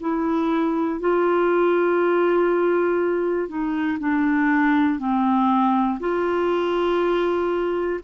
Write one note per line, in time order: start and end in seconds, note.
0.00 1.00 E4
1.00 3.49 F4
3.49 3.99 D#4
4.00 4.99 D4
4.99 5.99 C4
6.00 8.00 F4